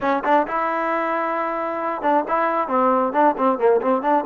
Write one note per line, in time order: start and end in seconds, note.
0.01 0.23 C#4
0.24 0.47 D4
0.47 2.01 E4
2.01 2.24 D4
2.28 2.67 E4
2.67 3.12 C4
3.12 3.35 D4
3.37 3.58 C4
3.58 3.80 A#3
3.81 4.02 C4
4.02 4.24 D4